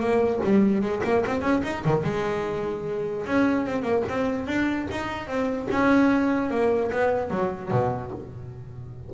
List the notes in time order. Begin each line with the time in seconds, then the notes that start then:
0.00 A#3
0.44 G3
0.82 G#3
1.04 A#3
1.26 C4
1.42 C#4
1.64 D#4
1.85 D#3
2.04 G#3
3.27 C#4
3.66 C4
3.83 A#3
4.09 C4
4.47 D4
4.91 D#4
5.28 C4
5.71 C#4
6.51 A#3
6.92 B3
7.31 F#3
7.71 B2